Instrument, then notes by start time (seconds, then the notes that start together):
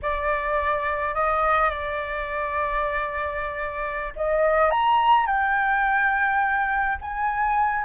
flute
0.02 D5
1.14 D#5
1.70 D5
4.16 D#5
4.70 A#5
5.26 G5
7.01 G#5